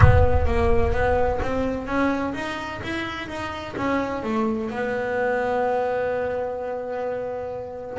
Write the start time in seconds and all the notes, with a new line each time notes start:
0.00 B3
0.46 A#3
0.92 B3
1.41 C4
1.86 C#4
2.34 D#4
2.83 E4
3.28 D#4
3.76 C#4
4.23 A3
4.70 B3